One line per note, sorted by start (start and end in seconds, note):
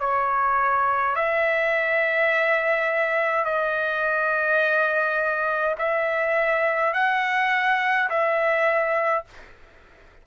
0.00 1.15 C#5
1.15 3.45 E5
3.45 5.75 D#5
5.78 6.93 E5
6.93 8.09 F#5
8.09 9.25 E5